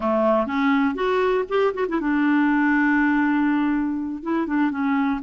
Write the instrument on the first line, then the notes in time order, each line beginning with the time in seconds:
clarinet
0.00 A3
0.46 C#4
0.94 F#4
1.49 G4
1.74 F#4
1.88 E4
2.00 D4
4.22 E4
4.46 D4
4.71 C#4